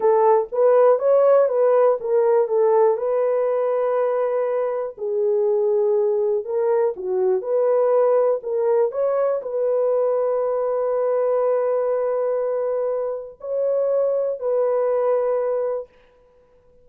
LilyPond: \new Staff \with { instrumentName = "horn" } { \time 4/4 \tempo 4 = 121 a'4 b'4 cis''4 b'4 | ais'4 a'4 b'2~ | b'2 gis'2~ | gis'4 ais'4 fis'4 b'4~ |
b'4 ais'4 cis''4 b'4~ | b'1~ | b'2. cis''4~ | cis''4 b'2. | }